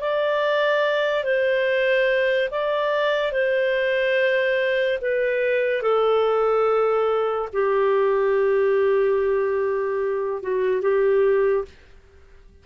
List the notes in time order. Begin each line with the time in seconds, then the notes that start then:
0.00 D5
1.23 C5
2.50 D5
3.31 C5
5.01 B4
5.81 A4
7.52 G4
10.42 F#4
10.81 G4